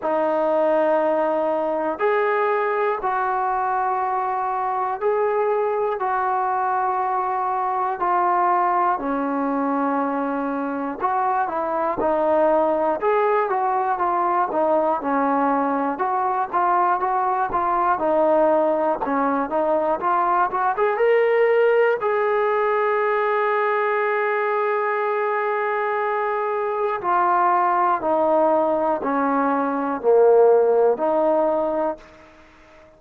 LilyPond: \new Staff \with { instrumentName = "trombone" } { \time 4/4 \tempo 4 = 60 dis'2 gis'4 fis'4~ | fis'4 gis'4 fis'2 | f'4 cis'2 fis'8 e'8 | dis'4 gis'8 fis'8 f'8 dis'8 cis'4 |
fis'8 f'8 fis'8 f'8 dis'4 cis'8 dis'8 | f'8 fis'16 gis'16 ais'4 gis'2~ | gis'2. f'4 | dis'4 cis'4 ais4 dis'4 | }